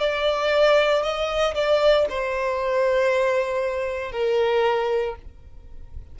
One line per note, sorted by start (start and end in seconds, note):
0.00 1.03 D5
1.03 1.55 D#5
1.55 2.07 D5
2.10 4.12 C5
4.12 5.16 A#4